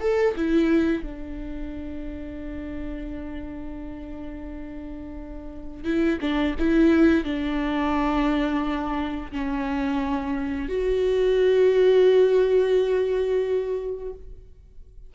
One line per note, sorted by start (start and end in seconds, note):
0.00 0.34 A4
0.36 1.03 E4
1.03 5.84 D4
5.84 6.18 E4
6.21 6.55 D4
6.59 7.24 E4
7.24 9.31 D4
9.32 10.68 C#4
10.68 14.13 F#4